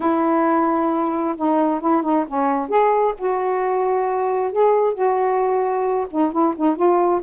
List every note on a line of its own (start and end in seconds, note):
0.00 1.35 E4
1.36 1.80 D#4
1.80 2.02 E4
2.02 2.25 D#4
2.27 2.68 C#4
2.68 3.14 G#4
3.18 4.52 F#4
4.52 4.94 G#4
4.94 6.06 F#4
6.10 6.32 D#4
6.32 6.54 E4
6.56 6.75 D#4
6.75 7.21 F4